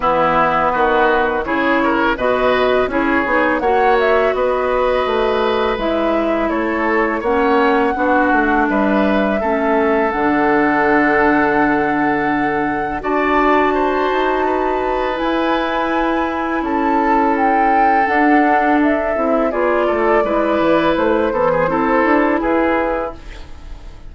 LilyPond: <<
  \new Staff \with { instrumentName = "flute" } { \time 4/4 \tempo 4 = 83 b'2 cis''4 dis''4 | cis''4 fis''8 e''8 dis''2 | e''4 cis''4 fis''2 | e''2 fis''2~ |
fis''2 a''2~ | a''4 gis''2 a''4 | g''4 fis''4 e''4 d''4~ | d''4 c''2 b'4 | }
  \new Staff \with { instrumentName = "oboe" } { \time 4/4 e'4 fis'4 gis'8 ais'8 b'4 | gis'4 cis''4 b'2~ | b'4 a'4 cis''4 fis'4 | b'4 a'2.~ |
a'2 d''4 c''4 | b'2. a'4~ | a'2. gis'8 a'8 | b'4. a'16 gis'16 a'4 gis'4 | }
  \new Staff \with { instrumentName = "clarinet" } { \time 4/4 b2 e'4 fis'4 | e'8 dis'8 fis'2. | e'2 cis'4 d'4~ | d'4 cis'4 d'2~ |
d'2 fis'2~ | fis'4 e'2.~ | e'4 d'4. e'8 f'4 | e'4. e8 e'2 | }
  \new Staff \with { instrumentName = "bassoon" } { \time 4/4 e4 dis4 cis4 b,4 | cis'8 b8 ais4 b4 a4 | gis4 a4 ais4 b8 a8 | g4 a4 d2~ |
d2 d'4. dis'8~ | dis'4 e'2 cis'4~ | cis'4 d'4. c'8 b8 a8 | gis8 e8 a8 b8 c'8 d'8 e'4 | }
>>